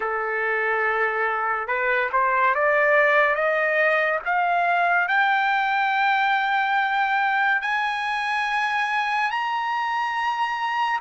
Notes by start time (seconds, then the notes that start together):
0.00 A4
1.67 B4
2.12 C5
2.55 D5
3.35 D#5
4.25 F5
5.08 G5
7.61 G#5
9.30 A#5